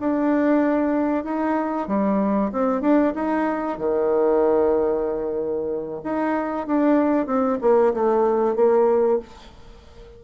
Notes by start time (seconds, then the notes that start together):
0.00 D4
1.24 D#4
1.87 G3
2.52 C4
2.81 D4
3.15 D#4
3.78 D#3
6.03 D#4
6.67 D4
7.26 C4
7.61 A#3
7.94 A3
8.56 A#3